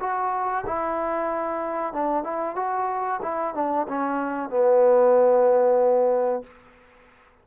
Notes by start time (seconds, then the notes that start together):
0.00 F#4
0.67 E4
1.94 D4
2.24 E4
2.56 F#4
3.23 E4
3.55 D4
3.89 C#4
4.50 B3